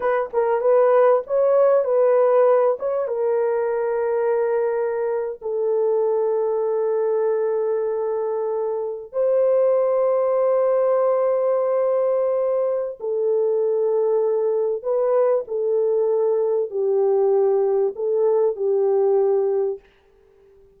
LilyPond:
\new Staff \with { instrumentName = "horn" } { \time 4/4 \tempo 4 = 97 b'8 ais'8 b'4 cis''4 b'4~ | b'8 cis''8 ais'2.~ | ais'8. a'2.~ a'16~ | a'2~ a'8. c''4~ c''16~ |
c''1~ | c''4 a'2. | b'4 a'2 g'4~ | g'4 a'4 g'2 | }